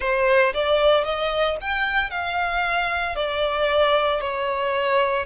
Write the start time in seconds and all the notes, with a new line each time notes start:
0.00 C5
0.53 D5
1.04 D#5
1.60 G5
2.10 F5
3.15 D5
4.21 C#5